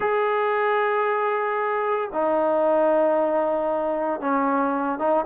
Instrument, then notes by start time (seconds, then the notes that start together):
trombone
0.00 G#4
2.12 D#4
4.20 C#4
4.99 D#4